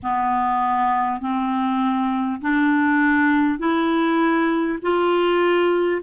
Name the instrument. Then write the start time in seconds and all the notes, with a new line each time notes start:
clarinet
0.03 B3
1.21 C4
2.41 D4
3.58 E4
4.82 F4